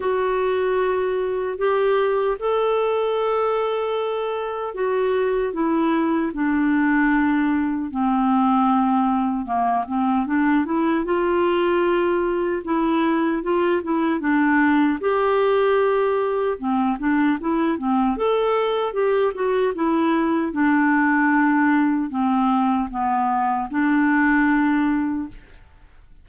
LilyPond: \new Staff \with { instrumentName = "clarinet" } { \time 4/4 \tempo 4 = 76 fis'2 g'4 a'4~ | a'2 fis'4 e'4 | d'2 c'2 | ais8 c'8 d'8 e'8 f'2 |
e'4 f'8 e'8 d'4 g'4~ | g'4 c'8 d'8 e'8 c'8 a'4 | g'8 fis'8 e'4 d'2 | c'4 b4 d'2 | }